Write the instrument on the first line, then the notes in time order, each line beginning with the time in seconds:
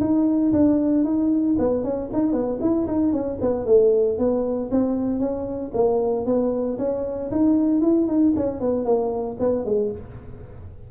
tuba
0.00 D#4
0.53 D4
1.04 D#4
1.59 B3
1.84 C#4
2.13 D#4
2.32 B3
2.60 E4
2.87 D#4
3.13 C#4
3.41 B3
3.66 A3
4.18 B3
4.71 C4
5.19 C#4
5.73 A#3
6.26 B3
6.78 C#4
7.31 D#4
7.81 E4
8.07 D#4
8.36 C#4
8.60 B3
8.85 A#3
9.39 B3
9.65 G#3